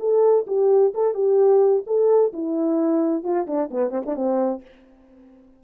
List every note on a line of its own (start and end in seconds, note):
0.00 0.46 A4
0.47 0.94 G4
0.94 1.15 A4
1.15 1.84 G4
1.87 2.33 A4
2.33 3.24 E4
3.24 3.47 F4
3.47 3.70 D4
3.71 3.91 B3
3.91 4.03 C4
4.06 4.16 D4
4.16 4.62 C4